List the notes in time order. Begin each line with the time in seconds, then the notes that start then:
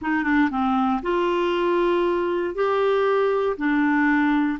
0.01 D#4
0.23 D4
0.50 C4
1.02 F4
2.54 G4
3.57 D4